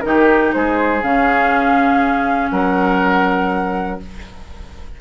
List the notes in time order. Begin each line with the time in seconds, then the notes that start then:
0.00 D#3 D#4 G4 A#4
0.52 G#3 G#4 C5
1.02 C#3 C#4 F5
2.51 F#3 A#4 F#5